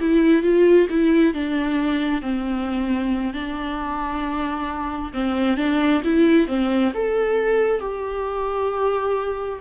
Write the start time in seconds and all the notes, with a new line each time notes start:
0.00 E4
0.42 F4
0.90 E4
1.34 D4
2.21 C4
3.33 D4
5.13 C4
5.57 D4
6.04 E4
6.47 C4
6.94 A4
7.80 G4